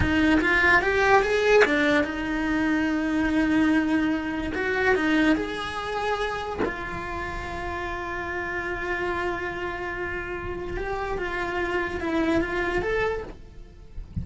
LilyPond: \new Staff \with { instrumentName = "cello" } { \time 4/4 \tempo 4 = 145 dis'4 f'4 g'4 gis'4 | d'4 dis'2.~ | dis'2. fis'4 | dis'4 gis'2. |
f'1~ | f'1~ | f'2 g'4 f'4~ | f'4 e'4 f'4 a'4 | }